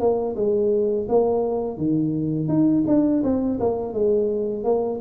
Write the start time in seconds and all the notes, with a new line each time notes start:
0.00 A#3
0.36 G#3
1.09 A#3
1.78 D#3
2.49 D#4
2.88 D4
3.24 C4
3.60 A#3
3.94 G#3
4.64 A#3